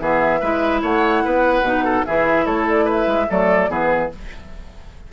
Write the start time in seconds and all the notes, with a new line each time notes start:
0.00 E3 B3 G#4 E5
0.40 G#3 E4 B4
0.83 A3 C#5 F#5
1.25 B3 B4
1.62 B2 D#4
1.85 A4
2.06 E3 E4 G#4 E5
2.46 A3 A4 C#5
2.70 D5
2.85 B4
2.92 E5
3.07 G#3
3.29 F#3 A3 A4 D5
3.69 E3 B3 G#4 B4